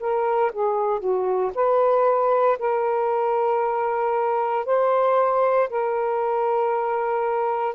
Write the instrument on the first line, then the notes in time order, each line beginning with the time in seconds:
saxophone
0.00 A#4
0.53 G#4
1.00 F#4
1.55 B4
2.59 A#4
4.66 C5
5.70 A#4